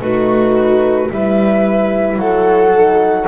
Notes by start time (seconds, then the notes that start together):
0.00 A3 D#4 F#4 B4
1.10 G3 E4 B4 E5
2.16 F#3 A4 F#5
2.74 D#4